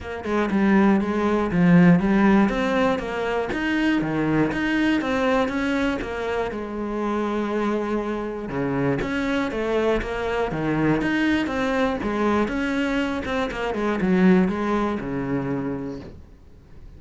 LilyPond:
\new Staff \with { instrumentName = "cello" } { \time 4/4 \tempo 4 = 120 ais8 gis8 g4 gis4 f4 | g4 c'4 ais4 dis'4 | dis4 dis'4 c'4 cis'4 | ais4 gis2.~ |
gis4 cis4 cis'4 a4 | ais4 dis4 dis'4 c'4 | gis4 cis'4. c'8 ais8 gis8 | fis4 gis4 cis2 | }